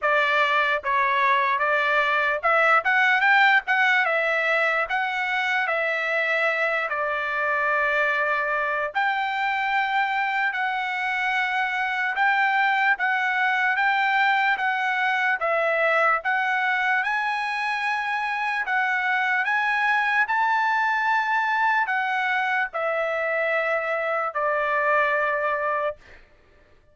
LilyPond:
\new Staff \with { instrumentName = "trumpet" } { \time 4/4 \tempo 4 = 74 d''4 cis''4 d''4 e''8 fis''8 | g''8 fis''8 e''4 fis''4 e''4~ | e''8 d''2~ d''8 g''4~ | g''4 fis''2 g''4 |
fis''4 g''4 fis''4 e''4 | fis''4 gis''2 fis''4 | gis''4 a''2 fis''4 | e''2 d''2 | }